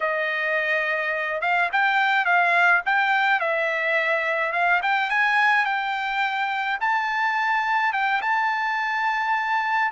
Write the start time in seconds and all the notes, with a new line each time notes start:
0.00 D#5
1.41 F5
1.72 G5
2.25 F5
2.85 G5
3.40 E5
4.52 F5
4.82 G5
5.09 G#5
5.64 G5
6.80 A5
7.92 G5
8.21 A5